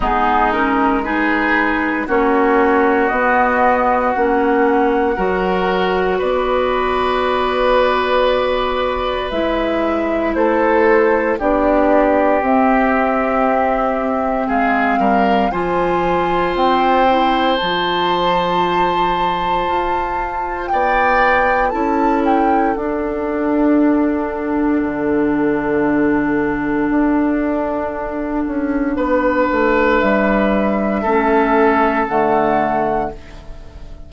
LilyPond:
<<
  \new Staff \with { instrumentName = "flute" } { \time 4/4 \tempo 4 = 58 gis'8 ais'8 b'4 cis''4 dis''4 | fis''2 d''2~ | d''4 e''4 c''4 d''4 | e''2 f''4 gis''4 |
g''4 a''2. | g''4 a''8 g''8 fis''2~ | fis''1~ | fis''4 e''2 fis''4 | }
  \new Staff \with { instrumentName = "oboe" } { \time 4/4 dis'4 gis'4 fis'2~ | fis'4 ais'4 b'2~ | b'2 a'4 g'4~ | g'2 gis'8 ais'8 c''4~ |
c''1 | d''4 a'2.~ | a'1 | b'2 a'2 | }
  \new Staff \with { instrumentName = "clarinet" } { \time 4/4 b8 cis'8 dis'4 cis'4 b4 | cis'4 fis'2.~ | fis'4 e'2 d'4 | c'2. f'4~ |
f'8 e'8 f'2.~ | f'4 e'4 d'2~ | d'1~ | d'2 cis'4 a4 | }
  \new Staff \with { instrumentName = "bassoon" } { \time 4/4 gis2 ais4 b4 | ais4 fis4 b2~ | b4 gis4 a4 b4 | c'2 gis8 g8 f4 |
c'4 f2 f'4 | b4 cis'4 d'2 | d2 d'4. cis'8 | b8 a8 g4 a4 d4 | }
>>